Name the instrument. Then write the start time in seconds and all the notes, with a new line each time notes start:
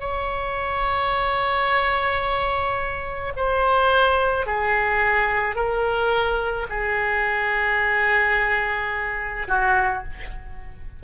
oboe
0.00 C#5
3.36 C5
4.46 G#4
5.56 A#4
6.70 G#4
9.48 F#4